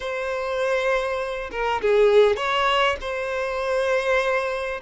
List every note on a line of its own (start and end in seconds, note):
0.00 1.50 C5
1.51 1.81 A#4
1.81 2.36 G#4
2.36 2.96 C#5
3.00 4.80 C5